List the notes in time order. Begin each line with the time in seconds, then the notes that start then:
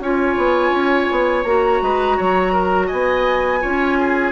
0.00 C#4 F4 C#5 G#5
0.37 B3
0.70 C#4
1.11 B3
1.44 A#3 F#4 A#5
1.82 G#3 B4
2.17 F#3 C#5
2.53 A#4
2.87 B3 D#5 G#5
3.61 C#4 F4 C#5
3.99 G#4